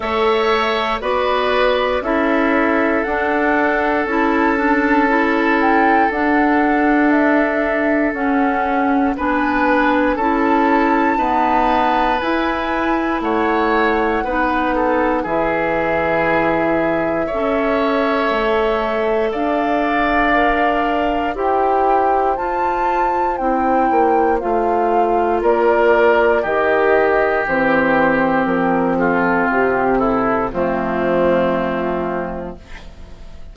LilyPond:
<<
  \new Staff \with { instrumentName = "flute" } { \time 4/4 \tempo 4 = 59 e''4 d''4 e''4 fis''4 | a''4. g''8 fis''4 e''4 | fis''4 gis''4 a''2 | gis''4 fis''2 e''4~ |
e''2. f''4~ | f''4 g''4 a''4 g''4 | f''4 d''4 dis''4 c''4 | ais'8 a'8 g'8 a'8 f'2 | }
  \new Staff \with { instrumentName = "oboe" } { \time 4/4 cis''4 b'4 a'2~ | a'1~ | a'4 b'4 a'4 b'4~ | b'4 cis''4 b'8 a'8 gis'4~ |
gis'4 cis''2 d''4~ | d''4 c''2.~ | c''4 ais'4 g'2~ | g'8 f'4 e'8 c'2 | }
  \new Staff \with { instrumentName = "clarinet" } { \time 4/4 a'4 fis'4 e'4 d'4 | e'8 d'8 e'4 d'2 | cis'4 d'4 e'4 b4 | e'2 dis'4 e'4~ |
e'4 a'2. | ais'4 g'4 f'4 e'4 | f'2 g'4 c'4~ | c'2 a2 | }
  \new Staff \with { instrumentName = "bassoon" } { \time 4/4 a4 b4 cis'4 d'4 | cis'2 d'2 | cis'4 b4 cis'4 dis'4 | e'4 a4 b4 e4~ |
e4 cis'4 a4 d'4~ | d'4 e'4 f'4 c'8 ais8 | a4 ais4 dis4 e4 | f4 c4 f2 | }
>>